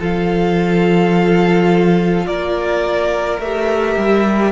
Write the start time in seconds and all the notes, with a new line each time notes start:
0.00 F3 F4 A4 F5
2.27 A#3 A#4 D5
3.39 A3 G4 E5
3.98 G3